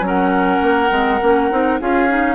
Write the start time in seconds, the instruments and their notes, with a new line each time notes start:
0.00 bassoon F#3, clarinet C#4
0.07 oboe A#4, flute F#5
0.62 bassoon A#3
0.90 bassoon G#3, clarinet C4
1.22 bassoon A#3, clarinet C#4
1.51 bassoon C4, clarinet D#4
1.80 bassoon C#4, clarinet F4, oboe G#4, flute F5
2.08 clarinet D#4